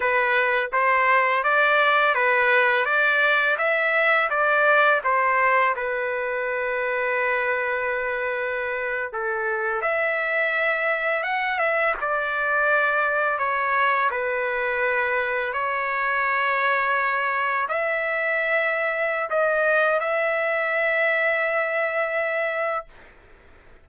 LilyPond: \new Staff \with { instrumentName = "trumpet" } { \time 4/4 \tempo 4 = 84 b'4 c''4 d''4 b'4 | d''4 e''4 d''4 c''4 | b'1~ | b'8. a'4 e''2 fis''16~ |
fis''16 e''8 d''2 cis''4 b'16~ | b'4.~ b'16 cis''2~ cis''16~ | cis''8. e''2~ e''16 dis''4 | e''1 | }